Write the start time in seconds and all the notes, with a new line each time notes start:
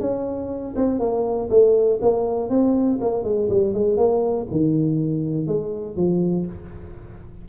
0.00 C#4
0.76 C4
0.99 A#3
1.50 A3
2.01 A#3
2.49 C4
3.01 A#3
3.23 G#3
3.49 G3
3.74 G#3
3.97 A#3
4.51 D#3
5.47 G#3
5.96 F3